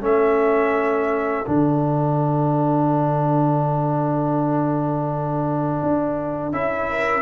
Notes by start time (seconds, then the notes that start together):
0.00 A3 C#4 A4 E5
1.46 D3 D4 F#5
5.83 D4
6.52 C#4 E4 E5
6.89 A#4